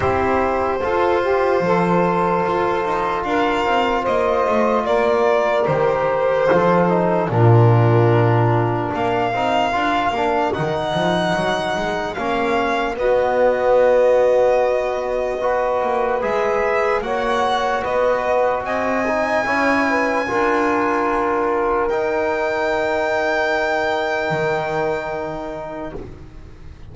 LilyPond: <<
  \new Staff \with { instrumentName = "violin" } { \time 4/4 \tempo 4 = 74 c''1 | f''4 dis''4 d''4 c''4~ | c''4 ais'2 f''4~ | f''4 fis''2 f''4 |
dis''1 | e''4 fis''4 dis''4 gis''4~ | gis''2. g''4~ | g''1 | }
  \new Staff \with { instrumentName = "saxophone" } { \time 4/4 g'4 a'8 g'8 a'2 | ais'4 c''4 ais'2 | a'4 f'2 ais'4~ | ais'1 |
fis'2. b'4~ | b'4 cis''4 b'4 dis''4 | cis''8 b'8 ais'2.~ | ais'1 | }
  \new Staff \with { instrumentName = "trombone" } { \time 4/4 e'4 f'2.~ | f'2. g'4 | f'8 dis'8 d'2~ d'8 dis'8 | f'8 d'8 dis'2 cis'4 |
b2. fis'4 | gis'4 fis'2~ fis'8 dis'8 | e'4 f'2 dis'4~ | dis'1 | }
  \new Staff \with { instrumentName = "double bass" } { \time 4/4 c'4 f'4 f4 f'8 dis'8 | d'8 c'8 ais8 a8 ais4 dis4 | f4 ais,2 ais8 c'8 | d'8 ais8 dis8 f8 fis8 gis8 ais4 |
b2.~ b8 ais8 | gis4 ais4 b4 c'4 | cis'4 d'2 dis'4~ | dis'2 dis2 | }
>>